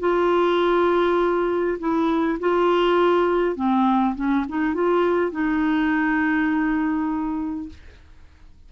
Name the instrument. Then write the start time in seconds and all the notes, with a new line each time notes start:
clarinet
0.00 F4
1.79 E4
2.40 F4
3.56 C4
4.16 C#4
4.49 D#4
4.74 F4
5.32 D#4